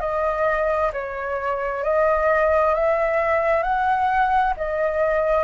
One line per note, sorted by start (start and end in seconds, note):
0.00 0.91 D#5
0.93 1.83 C#5
1.83 2.74 D#5
2.74 3.62 E5
3.62 4.53 F#5
4.56 5.44 D#5